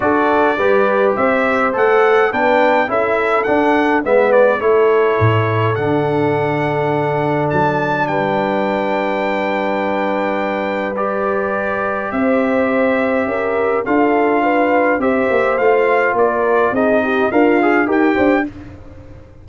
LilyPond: <<
  \new Staff \with { instrumentName = "trumpet" } { \time 4/4 \tempo 4 = 104 d''2 e''4 fis''4 | g''4 e''4 fis''4 e''8 d''8 | cis''2 fis''2~ | fis''4 a''4 g''2~ |
g''2. d''4~ | d''4 e''2. | f''2 e''4 f''4 | d''4 dis''4 f''4 g''4 | }
  \new Staff \with { instrumentName = "horn" } { \time 4/4 a'4 b'4 c''2 | b'4 a'2 b'4 | a'1~ | a'2 b'2~ |
b'1~ | b'4 c''2 ais'4 | a'4 b'4 c''2 | ais'4 gis'8 g'8 f'4 ais'8 c''8 | }
  \new Staff \with { instrumentName = "trombone" } { \time 4/4 fis'4 g'2 a'4 | d'4 e'4 d'4 b4 | e'2 d'2~ | d'1~ |
d'2. g'4~ | g'1 | f'2 g'4 f'4~ | f'4 dis'4 ais'8 gis'8 g'4 | }
  \new Staff \with { instrumentName = "tuba" } { \time 4/4 d'4 g4 c'4 a4 | b4 cis'4 d'4 gis4 | a4 a,4 d2~ | d4 fis4 g2~ |
g1~ | g4 c'2 cis'4 | d'2 c'8 ais8 a4 | ais4 c'4 d'4 dis'8 d'8 | }
>>